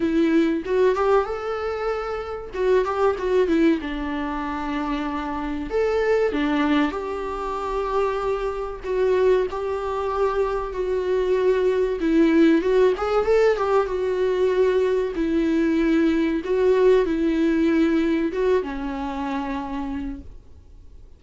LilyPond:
\new Staff \with { instrumentName = "viola" } { \time 4/4 \tempo 4 = 95 e'4 fis'8 g'8 a'2 | fis'8 g'8 fis'8 e'8 d'2~ | d'4 a'4 d'4 g'4~ | g'2 fis'4 g'4~ |
g'4 fis'2 e'4 | fis'8 gis'8 a'8 g'8 fis'2 | e'2 fis'4 e'4~ | e'4 fis'8 cis'2~ cis'8 | }